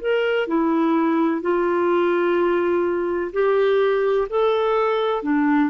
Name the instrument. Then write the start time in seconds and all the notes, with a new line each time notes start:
clarinet
0.00 A#4
0.47 E4
1.42 F4
3.32 G4
4.29 A4
5.23 D4